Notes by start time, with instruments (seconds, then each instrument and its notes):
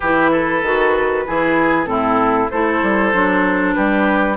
0.00 bassoon E3, clarinet E4, oboe G4, flute B4
0.30 oboe A4
0.62 bassoon D#3, clarinet F#4
1.26 bassoon E3, clarinet E4, oboe G#4
1.85 bassoon A2, clarinet C4, oboe E4, flute A4
2.50 bassoon A3, clarinet E4, oboe A4, flute C5
2.82 bassoon G3
3.13 bassoon F#3, clarinet D4
3.73 bassoon G3, oboe G4, flute B4